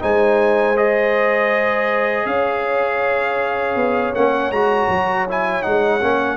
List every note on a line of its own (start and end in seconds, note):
0.00 2.26 G#3
0.00 0.75 D#4
0.00 2.27 C5
0.00 0.77 G#5
0.76 4.14 G#4
0.76 2.26 D#5
2.26 3.75 C#4
2.26 6.37 C#5
2.26 4.14 F5
3.75 4.13 B3
4.15 4.51 A#3
4.15 4.53 C#4
4.15 4.51 F#5
4.51 4.88 G#3
4.51 5.28 F#4
4.51 5.26 A#5
4.88 5.63 F#3
5.29 5.63 E4
5.29 5.62 G#5
5.62 6.01 G#3
5.62 6.00 D#4
5.62 6.37 F#5
6.01 6.37 A#3
6.01 6.37 C#4